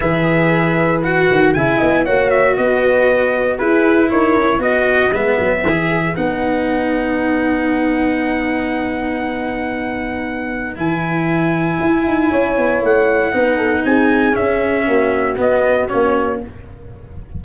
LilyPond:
<<
  \new Staff \with { instrumentName = "trumpet" } { \time 4/4 \tempo 4 = 117 e''2 fis''4 gis''4 | fis''8 e''8 dis''2 b'4 | cis''4 dis''4 e''2 | fis''1~ |
fis''1~ | fis''4 gis''2.~ | gis''4 fis''2 gis''4 | e''2 dis''4 cis''4 | }
  \new Staff \with { instrumentName = "horn" } { \time 4/4 b'2. e''8 dis''8 | cis''4 b'2 gis'4 | ais'4 b'2.~ | b'1~ |
b'1~ | b'1 | cis''2 b'8 a'8 gis'4~ | gis'4 fis'2. | }
  \new Staff \with { instrumentName = "cello" } { \time 4/4 gis'2 fis'4 e'4 | fis'2. e'4~ | e'4 fis'4 b4 gis'4 | dis'1~ |
dis'1~ | dis'4 e'2.~ | e'2 dis'2 | cis'2 b4 cis'4 | }
  \new Staff \with { instrumentName = "tuba" } { \time 4/4 e2~ e8 dis8 cis8 b8 | ais4 b2 e'4 | dis'8 cis'8 b4 gis8 fis8 e4 | b1~ |
b1~ | b4 e2 e'8 dis'8 | cis'8 b8 a4 b4 c'4 | cis'4 ais4 b4 ais4 | }
>>